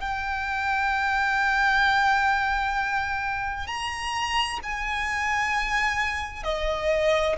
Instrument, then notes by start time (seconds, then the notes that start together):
violin
0.00 G5
3.67 A#5
4.62 G#5
6.43 D#5